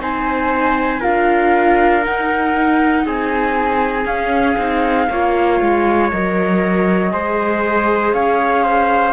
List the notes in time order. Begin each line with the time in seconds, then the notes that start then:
0.00 C4 D#4 C5 G#5
1.00 D4 F4 A#4 F5
2.02 D#4 F#5
3.06 C4 G#4 G#5
4.05 C#4 F5
4.58 C4 D#4
5.10 A#3 F4 C#5
5.61 G#3
6.11 F#3 A#4 D#5
7.11 G#3 G#4 C5
8.14 C#4 C#5 F5
8.64 C5